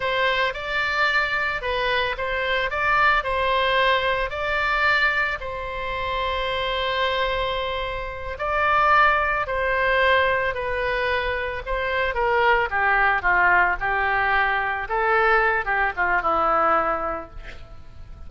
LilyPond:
\new Staff \with { instrumentName = "oboe" } { \time 4/4 \tempo 4 = 111 c''4 d''2 b'4 | c''4 d''4 c''2 | d''2 c''2~ | c''2.~ c''8 d''8~ |
d''4. c''2 b'8~ | b'4. c''4 ais'4 g'8~ | g'8 f'4 g'2 a'8~ | a'4 g'8 f'8 e'2 | }